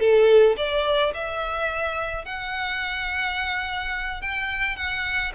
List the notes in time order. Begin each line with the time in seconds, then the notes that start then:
0.00 A4
0.57 D5
1.14 E5
2.25 F#5
4.22 G5
4.76 F#5